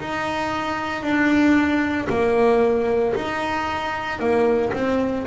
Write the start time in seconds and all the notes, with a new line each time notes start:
0.00 D#4
1.03 D4
2.10 A#3
3.15 D#4
4.20 A#3
4.73 C4